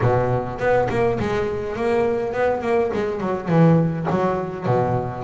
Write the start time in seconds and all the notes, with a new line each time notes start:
0.01 B2
0.58 B3
0.89 A#3
1.19 G#3
1.76 A#3
2.33 B3
2.61 A#3
2.93 G#3
3.20 F#3
3.48 E3
4.09 F#3
4.66 B2